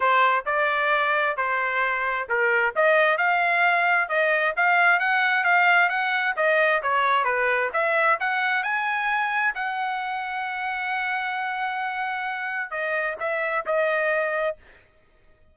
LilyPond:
\new Staff \with { instrumentName = "trumpet" } { \time 4/4 \tempo 4 = 132 c''4 d''2 c''4~ | c''4 ais'4 dis''4 f''4~ | f''4 dis''4 f''4 fis''4 | f''4 fis''4 dis''4 cis''4 |
b'4 e''4 fis''4 gis''4~ | gis''4 fis''2.~ | fis''1 | dis''4 e''4 dis''2 | }